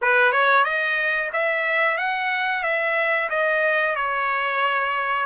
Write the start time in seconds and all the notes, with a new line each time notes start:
0.01 B4
0.32 C#5
0.64 D#5
1.32 E5
1.97 F#5
2.63 E5
3.29 D#5
3.95 C#5